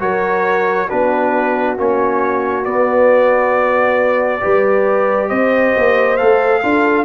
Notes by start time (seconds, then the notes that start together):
0.00 F#3 F#4 A#4 C#5
0.88 B3 D4 F#4 B4
1.78 A#3 C#4 C#5
2.65 B3 D5
4.41 G3 G4 B4
5.29 C4 C5 D#5
5.77 A#3
6.17 A3 A4 F5
6.62 D4 F4 A4